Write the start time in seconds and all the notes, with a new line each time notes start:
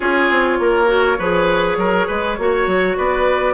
0.00 C#4 F4 G#4 C#5
0.30 C4
0.59 A#3 A#4
0.86 F#4
1.18 F3 G#4 B4
1.76 F#3 A#4
2.07 G#3 B4
2.38 A#3 F#4 C#5
2.66 F#3
2.96 B3 B4 D5